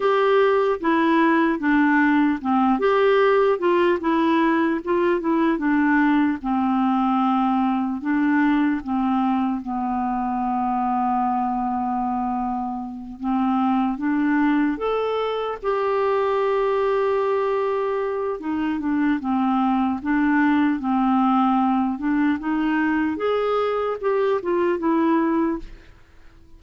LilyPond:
\new Staff \with { instrumentName = "clarinet" } { \time 4/4 \tempo 4 = 75 g'4 e'4 d'4 c'8 g'8~ | g'8 f'8 e'4 f'8 e'8 d'4 | c'2 d'4 c'4 | b1~ |
b8 c'4 d'4 a'4 g'8~ | g'2. dis'8 d'8 | c'4 d'4 c'4. d'8 | dis'4 gis'4 g'8 f'8 e'4 | }